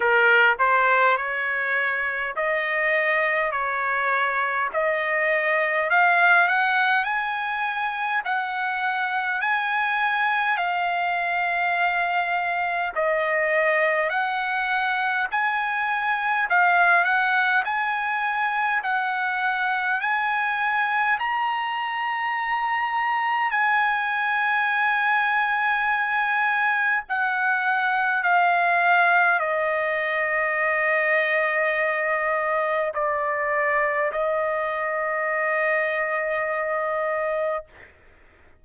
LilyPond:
\new Staff \with { instrumentName = "trumpet" } { \time 4/4 \tempo 4 = 51 ais'8 c''8 cis''4 dis''4 cis''4 | dis''4 f''8 fis''8 gis''4 fis''4 | gis''4 f''2 dis''4 | fis''4 gis''4 f''8 fis''8 gis''4 |
fis''4 gis''4 ais''2 | gis''2. fis''4 | f''4 dis''2. | d''4 dis''2. | }